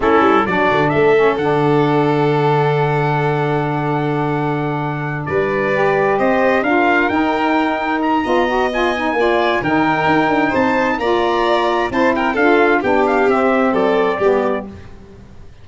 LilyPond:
<<
  \new Staff \with { instrumentName = "trumpet" } { \time 4/4 \tempo 4 = 131 a'4 d''4 e''4 fis''4~ | fis''1~ | fis''2.~ fis''8 d''8~ | d''4. dis''4 f''4 g''8~ |
g''4. ais''4. gis''4~ | gis''4 g''2 a''4 | ais''2 a''8 g''8 f''4 | g''8 f''8 e''4 d''2 | }
  \new Staff \with { instrumentName = "violin" } { \time 4/4 e'4 fis'4 a'2~ | a'1~ | a'2.~ a'8 b'8~ | b'4. c''4 ais'4.~ |
ais'2 dis''2 | d''4 ais'2 c''4 | d''2 c''8 ais'8 a'4 | g'2 a'4 g'4 | }
  \new Staff \with { instrumentName = "saxophone" } { \time 4/4 cis'4 d'4. cis'8 d'4~ | d'1~ | d'1~ | d'8 g'2 f'4 dis'8~ |
dis'2 f'8 fis'8 f'8 dis'8 | f'4 dis'2. | f'2 e'4 f'4 | d'4 c'2 b4 | }
  \new Staff \with { instrumentName = "tuba" } { \time 4/4 a8 g8 fis8 d8 a4 d4~ | d1~ | d2.~ d8 g8~ | g4. c'4 d'4 dis'8~ |
dis'2 b2 | ais4 dis4 dis'8 d'8 c'4 | ais2 c'4 d'4 | b4 c'4 fis4 g4 | }
>>